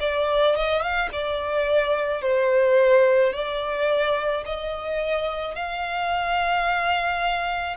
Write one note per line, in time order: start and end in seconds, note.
0.00 0.55 D5
0.55 0.81 D#5
0.81 1.09 F5
1.12 2.22 D5
2.22 3.33 C5
3.33 4.44 D5
4.45 5.55 D#5
5.55 7.76 F5